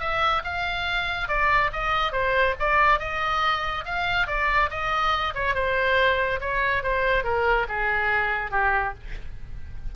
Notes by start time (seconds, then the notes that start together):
0.00 E5
0.44 F5
1.28 D5
1.73 D#5
2.12 C5
2.59 D5
2.99 D#5
3.85 F5
4.27 D5
4.70 D#5
5.35 C#5
5.55 C5
6.40 C#5
6.83 C5
7.24 A#4
7.69 G#4
8.51 G4